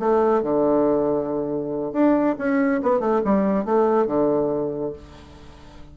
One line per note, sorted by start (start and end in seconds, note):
0.00 0.43 A3
0.43 1.93 D3
1.93 2.36 D4
2.39 2.82 C#4
2.83 3.00 B3
3.00 3.22 A3
3.25 3.66 G3
3.66 4.07 A3
4.07 4.93 D3